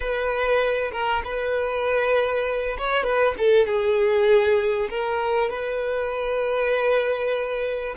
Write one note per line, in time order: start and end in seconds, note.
0.00 0.91 B4
0.92 1.22 A#4
1.24 2.77 B4
2.78 3.03 C#5
3.03 3.34 B4
3.38 3.66 A4
3.66 4.89 G#4
4.90 5.50 A#4
5.50 7.95 B4